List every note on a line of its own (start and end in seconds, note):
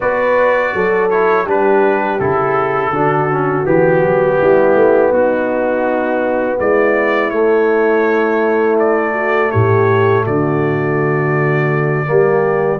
0.00 0.73 B3
0.00 1.10 F#4
0.00 0.72 B4
0.00 1.10 D5
0.73 1.46 F#3
0.73 1.45 A4
1.10 1.46 E4
1.10 1.46 C#5
1.45 2.20 G3
1.45 2.19 D4
1.45 2.91 G4
1.45 2.19 B4
2.19 2.90 C#3
2.19 2.93 E4
2.19 3.66 A4
2.90 3.63 D3
2.90 3.30 D4
2.90 4.38 F#4
3.31 3.64 C#4
3.64 4.03 E3
3.64 7.30 B3
3.64 5.12 G4
4.03 4.39 F#3
4.38 4.75 G3
4.38 5.11 E4
4.75 5.11 A3
5.11 6.58 B3
5.11 6.58 D#4
5.11 6.59 F#4
6.58 7.31 G#3
6.58 9.13 E4
6.58 7.30 D5
7.30 12.05 A3
7.30 9.51 A3
7.30 8.76 C#5
8.79 9.51 D5
9.13 9.49 F#4
9.51 10.26 A2
9.51 10.24 G4
9.51 10.24 C#5
10.24 12.09 D3
10.24 12.07 F#4
10.24 12.80 D5
12.05 12.80 G3
12.05 12.79 A#3
12.05 12.80 G4